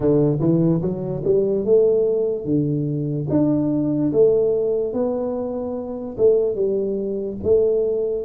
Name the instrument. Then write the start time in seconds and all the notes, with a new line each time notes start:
tuba
0.00 D3
0.40 E3
0.81 F#3
1.24 G3
1.64 A3
2.44 D3
3.29 D4
4.12 A3
4.93 B3
6.17 A3
6.55 G3
7.43 A3